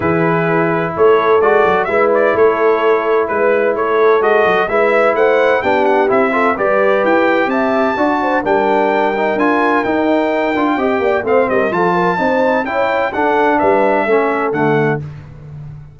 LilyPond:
<<
  \new Staff \with { instrumentName = "trumpet" } { \time 4/4 \tempo 4 = 128 b'2 cis''4 d''4 | e''8 d''8 cis''2 b'4 | cis''4 dis''4 e''4 fis''4 | g''8 fis''8 e''4 d''4 g''4 |
a''2 g''2 | gis''4 g''2. | f''8 dis''8 a''2 g''4 | fis''4 e''2 fis''4 | }
  \new Staff \with { instrumentName = "horn" } { \time 4/4 gis'2 a'2 | b'4 a'2 b'4 | a'2 b'4 c''4 | g'4. a'8 b'2 |
e''4 d''8 c''8 ais'2~ | ais'2. dis''8 d''8 | c''8 ais'8 a'8 ais'8 c''4 cis''4 | a'4 b'4 a'2 | }
  \new Staff \with { instrumentName = "trombone" } { \time 4/4 e'2. fis'4 | e'1~ | e'4 fis'4 e'2 | d'4 e'8 f'8 g'2~ |
g'4 fis'4 d'4. dis'8 | f'4 dis'4. f'8 g'4 | c'4 f'4 dis'4 e'4 | d'2 cis'4 a4 | }
  \new Staff \with { instrumentName = "tuba" } { \time 4/4 e2 a4 gis8 fis8 | gis4 a2 gis4 | a4 gis8 fis8 gis4 a4 | b4 c'4 g4 e'4 |
c'4 d'4 g2 | d'4 dis'4. d'8 c'8 ais8 | a8 g8 f4 c'4 cis'4 | d'4 g4 a4 d4 | }
>>